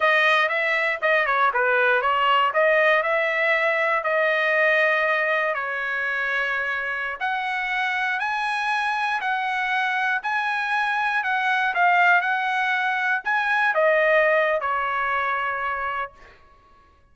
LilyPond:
\new Staff \with { instrumentName = "trumpet" } { \time 4/4 \tempo 4 = 119 dis''4 e''4 dis''8 cis''8 b'4 | cis''4 dis''4 e''2 | dis''2. cis''4~ | cis''2~ cis''16 fis''4.~ fis''16~ |
fis''16 gis''2 fis''4.~ fis''16~ | fis''16 gis''2 fis''4 f''8.~ | f''16 fis''2 gis''4 dis''8.~ | dis''4 cis''2. | }